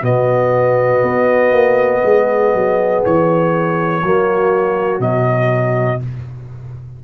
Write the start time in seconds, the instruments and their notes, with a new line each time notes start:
0.00 tuba B2, trombone B3, horn F#4, trumpet D#5
1.03 tuba B3
1.52 tuba A#3
2.04 tuba G#3, horn G#4
2.54 tuba F#3
3.05 tuba E3, trumpet C#5
4.03 tuba F#3, trombone A#3, horn F#4
4.99 tuba B2, trombone F#3, trumpet D#5